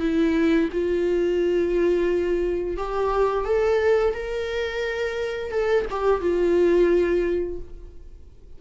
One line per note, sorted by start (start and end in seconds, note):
0.00 0.69 E4
0.72 2.77 F4
2.77 3.45 G4
3.45 4.14 A4
4.14 5.51 A#4
5.51 5.86 A4
5.90 6.21 G4
6.21 7.59 F4